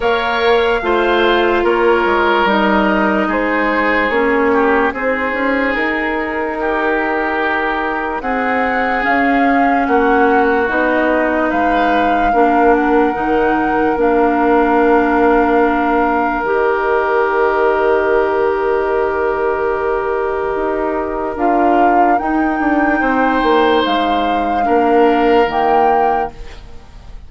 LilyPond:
<<
  \new Staff \with { instrumentName = "flute" } { \time 4/4 \tempo 4 = 73 f''2 cis''4 dis''4 | c''4 cis''4 c''4 ais'4~ | ais'2 fis''4 f''4 | fis''4 dis''4 f''4. fis''8~ |
fis''4 f''2. | dis''1~ | dis''2 f''4 g''4~ | g''4 f''2 g''4 | }
  \new Staff \with { instrumentName = "oboe" } { \time 4/4 cis''4 c''4 ais'2 | gis'4. g'8 gis'2 | g'2 gis'2 | fis'2 b'4 ais'4~ |
ais'1~ | ais'1~ | ais'1 | c''2 ais'2 | }
  \new Staff \with { instrumentName = "clarinet" } { \time 4/4 ais'4 f'2 dis'4~ | dis'4 cis'4 dis'2~ | dis'2. cis'4~ | cis'4 dis'2 d'4 |
dis'4 d'2. | g'1~ | g'2 f'4 dis'4~ | dis'2 d'4 ais4 | }
  \new Staff \with { instrumentName = "bassoon" } { \time 4/4 ais4 a4 ais8 gis8 g4 | gis4 ais4 c'8 cis'8 dis'4~ | dis'2 c'4 cis'4 | ais4 b4 gis4 ais4 |
dis4 ais2. | dis1~ | dis4 dis'4 d'4 dis'8 d'8 | c'8 ais8 gis4 ais4 dis4 | }
>>